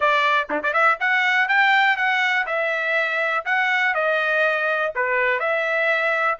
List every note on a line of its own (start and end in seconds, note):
0.00 0.48 D5
0.50 0.62 D4
0.63 0.73 D5
0.73 0.97 E5
1.00 1.48 F#5
1.48 1.96 G5
1.96 2.45 F#5
2.46 3.44 E5
3.45 3.94 F#5
3.94 4.92 D#5
4.95 5.39 B4
5.39 6.38 E5